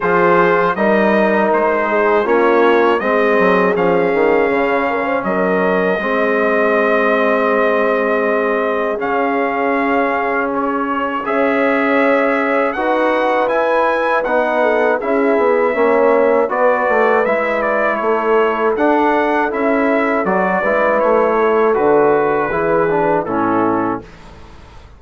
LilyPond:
<<
  \new Staff \with { instrumentName = "trumpet" } { \time 4/4 \tempo 4 = 80 c''4 dis''4 c''4 cis''4 | dis''4 f''2 dis''4~ | dis''1 | f''2 cis''4 e''4~ |
e''4 fis''4 gis''4 fis''4 | e''2 d''4 e''8 d''8 | cis''4 fis''4 e''4 d''4 | cis''4 b'2 a'4 | }
  \new Staff \with { instrumentName = "horn" } { \time 4/4 gis'4 ais'4. gis'8 f'4 | gis'2~ gis'8 ais'16 c''16 ais'4 | gis'1~ | gis'2. cis''4~ |
cis''4 b'2~ b'8 a'8 | gis'4 cis''4 b'2 | a'2.~ a'8 b'8~ | b'8 a'4. gis'4 e'4 | }
  \new Staff \with { instrumentName = "trombone" } { \time 4/4 f'4 dis'2 cis'4 | c'4 cis'2. | c'1 | cis'2. gis'4~ |
gis'4 fis'4 e'4 dis'4 | e'4 cis'4 fis'4 e'4~ | e'4 d'4 e'4 fis'8 e'8~ | e'4 fis'4 e'8 d'8 cis'4 | }
  \new Staff \with { instrumentName = "bassoon" } { \time 4/4 f4 g4 gis4 ais4 | gis8 fis8 f8 dis8 cis4 fis4 | gis1 | cis2. cis'4~ |
cis'4 dis'4 e'4 b4 | cis'8 b8 ais4 b8 a8 gis4 | a4 d'4 cis'4 fis8 gis8 | a4 d4 e4 a,4 | }
>>